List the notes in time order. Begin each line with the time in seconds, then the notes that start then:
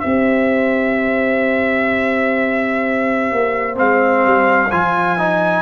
0.00 C4 G4 C5 E5
3.32 A#3
3.75 G#3 C4 F5
4.25 G3
4.71 F3 F4 G#5
5.18 D#4